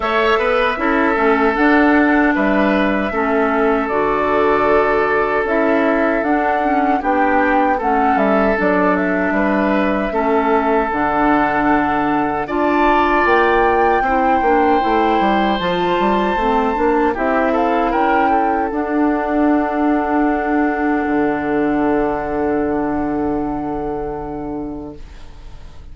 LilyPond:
<<
  \new Staff \with { instrumentName = "flute" } { \time 4/4 \tempo 4 = 77 e''2 fis''4 e''4~ | e''4 d''2 e''4 | fis''4 g''4 fis''8 e''8 d''8 e''8~ | e''2 fis''2 |
a''4 g''2. | a''2 e''8 f''8 g''4 | fis''1~ | fis''1 | }
  \new Staff \with { instrumentName = "oboe" } { \time 4/4 cis''8 b'8 a'2 b'4 | a'1~ | a'4 g'4 a'2 | b'4 a'2. |
d''2 c''2~ | c''2 g'8 a'8 ais'8 a'8~ | a'1~ | a'1 | }
  \new Staff \with { instrumentName = "clarinet" } { \time 4/4 a'4 e'8 cis'8 d'2 | cis'4 fis'2 e'4 | d'8 cis'8 d'4 cis'4 d'4~ | d'4 cis'4 d'2 |
f'2 e'8 d'8 e'4 | f'4 c'8 d'8 e'2 | d'1~ | d'1 | }
  \new Staff \with { instrumentName = "bassoon" } { \time 4/4 a8 b8 cis'8 a8 d'4 g4 | a4 d2 cis'4 | d'4 b4 a8 g8 fis4 | g4 a4 d2 |
d'4 ais4 c'8 ais8 a8 g8 | f8 g8 a8 ais8 c'4 cis'4 | d'2. d4~ | d1 | }
>>